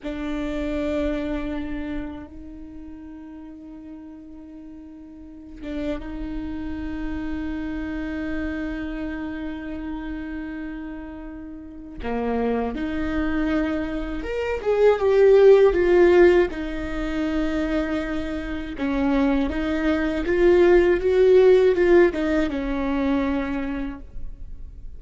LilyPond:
\new Staff \with { instrumentName = "viola" } { \time 4/4 \tempo 4 = 80 d'2. dis'4~ | dis'2.~ dis'8 d'8 | dis'1~ | dis'1 |
ais4 dis'2 ais'8 gis'8 | g'4 f'4 dis'2~ | dis'4 cis'4 dis'4 f'4 | fis'4 f'8 dis'8 cis'2 | }